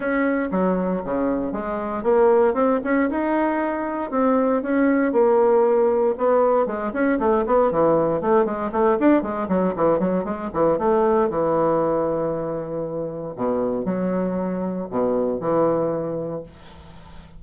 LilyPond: \new Staff \with { instrumentName = "bassoon" } { \time 4/4 \tempo 4 = 117 cis'4 fis4 cis4 gis4 | ais4 c'8 cis'8 dis'2 | c'4 cis'4 ais2 | b4 gis8 cis'8 a8 b8 e4 |
a8 gis8 a8 d'8 gis8 fis8 e8 fis8 | gis8 e8 a4 e2~ | e2 b,4 fis4~ | fis4 b,4 e2 | }